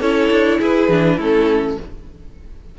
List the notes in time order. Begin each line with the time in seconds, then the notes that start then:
0.00 C#4 E4 A4 C#5
0.30 D4
0.59 E4 G#4 B4
0.88 E3 D4
1.16 A3 C#4 E4 A4